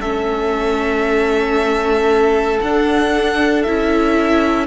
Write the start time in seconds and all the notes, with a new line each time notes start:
0.00 A3 C#4 A4 E5
2.61 D4 F#5
3.62 C#4 E4 E5